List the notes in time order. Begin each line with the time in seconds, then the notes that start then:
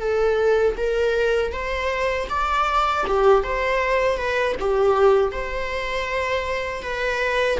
0.00 A4
0.77 A#4
1.53 C5
2.30 D5
3.08 G4
3.44 C5
4.18 B4
4.60 G4
5.32 C5
6.83 B4